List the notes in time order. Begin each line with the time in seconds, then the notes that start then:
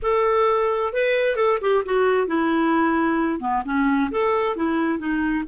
0.02 A4
0.93 B4
1.36 A4
1.61 G4
1.85 F#4
2.27 E4
3.40 B3
3.65 C#4
4.11 A4
4.56 E4
4.98 D#4